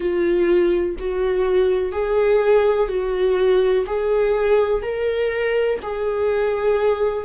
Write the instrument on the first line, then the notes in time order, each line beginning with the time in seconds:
viola
0.00 F4
0.99 F#4
1.92 G#4
2.88 F#4
3.86 G#4
4.82 A#4
5.82 G#4